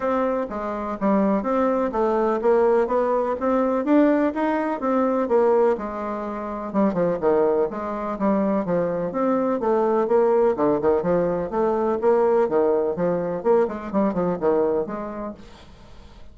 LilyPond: \new Staff \with { instrumentName = "bassoon" } { \time 4/4 \tempo 4 = 125 c'4 gis4 g4 c'4 | a4 ais4 b4 c'4 | d'4 dis'4 c'4 ais4 | gis2 g8 f8 dis4 |
gis4 g4 f4 c'4 | a4 ais4 d8 dis8 f4 | a4 ais4 dis4 f4 | ais8 gis8 g8 f8 dis4 gis4 | }